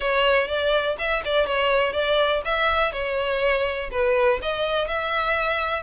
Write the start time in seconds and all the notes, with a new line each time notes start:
0.00 C#5
0.47 D5
0.98 E5
1.24 D5
1.46 C#5
1.93 D5
2.45 E5
2.92 C#5
3.91 B4
4.41 D#5
4.87 E5